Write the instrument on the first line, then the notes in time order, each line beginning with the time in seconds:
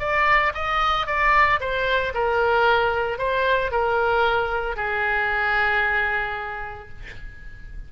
oboe
0.00 D5
0.55 D#5
1.07 D5
1.60 C5
2.15 A#4
3.19 C5
3.72 A#4
4.77 G#4